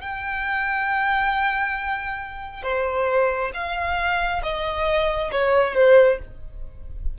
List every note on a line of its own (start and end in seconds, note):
0.00 2.63 G5
2.63 3.51 C5
3.54 4.42 F5
4.42 5.31 D#5
5.31 5.74 C#5
5.74 6.18 C5